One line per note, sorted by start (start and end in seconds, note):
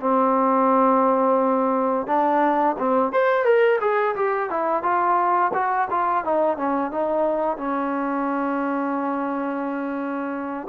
0.00 2.07 C4
2.07 2.76 D4
2.79 3.13 C4
3.13 3.45 C5
3.45 3.79 A#4
3.81 4.16 G#4
4.16 4.50 G4
4.50 4.83 E4
4.83 5.52 F4
5.54 5.88 F#4
5.91 6.24 F4
6.24 6.58 D#4
6.58 6.92 C#4
6.92 7.58 D#4
7.58 10.68 C#4